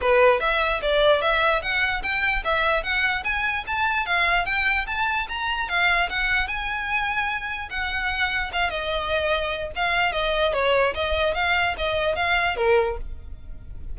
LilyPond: \new Staff \with { instrumentName = "violin" } { \time 4/4 \tempo 4 = 148 b'4 e''4 d''4 e''4 | fis''4 g''4 e''4 fis''4 | gis''4 a''4 f''4 g''4 | a''4 ais''4 f''4 fis''4 |
gis''2. fis''4~ | fis''4 f''8 dis''2~ dis''8 | f''4 dis''4 cis''4 dis''4 | f''4 dis''4 f''4 ais'4 | }